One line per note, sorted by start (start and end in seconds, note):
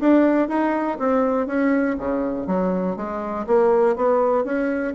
0.00 0.49 D4
0.49 0.98 D#4
0.99 1.47 C4
1.47 1.97 C#4
1.98 2.47 C#3
2.47 2.96 F#3
2.97 3.46 G#3
3.47 3.96 A#3
3.96 4.44 B3
4.44 4.94 C#4